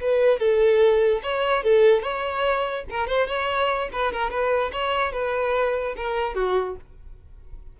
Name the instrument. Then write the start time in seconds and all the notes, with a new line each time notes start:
violin
0.00 B4
0.39 A4
1.22 C#5
1.63 A4
2.02 C#5
2.90 A#4
3.07 C5
3.27 C#5
3.92 B4
4.12 A#4
4.30 B4
4.72 C#5
5.12 B4
5.96 A#4
6.35 F#4